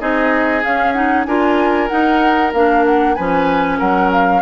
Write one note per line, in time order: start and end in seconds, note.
0.00 0.64 C4
0.00 0.63 D#4
0.00 1.27 G#4
0.00 0.63 D#5
0.64 1.27 C#4
0.64 0.95 C#4
0.64 0.93 F5
0.93 1.27 D#4
0.93 1.25 F#5
1.25 1.90 D4
1.25 1.90 F4
1.25 3.16 A#4
1.25 1.88 G#5
1.88 2.53 D#4
1.88 2.54 D#4
1.88 2.52 F#5
2.54 3.17 A#3
2.54 3.18 D4
2.54 2.86 F5
2.86 3.15 F#5
3.15 3.81 F3
3.15 4.43 C#4
3.15 3.79 B4
3.15 3.78 G#5
3.79 4.43 F#3
3.79 4.42 A#4
3.79 4.11 F#5
4.12 4.43 F5